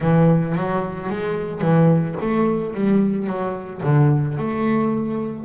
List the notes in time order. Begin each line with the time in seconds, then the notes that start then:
0.00 E3
0.55 F#3
1.09 G#3
1.61 E3
2.21 A3
2.73 G3
3.27 F#3
3.82 D3
4.37 A3